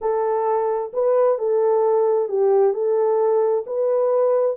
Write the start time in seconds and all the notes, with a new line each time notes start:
0.01 A4
0.93 B4
1.38 A4
2.28 G4
2.73 A4
3.66 B4